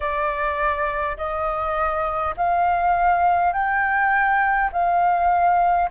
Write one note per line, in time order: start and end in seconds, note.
0.00 1.17 D5
1.17 2.35 D#5
2.36 3.52 F5
3.52 4.70 G5
4.72 5.90 F5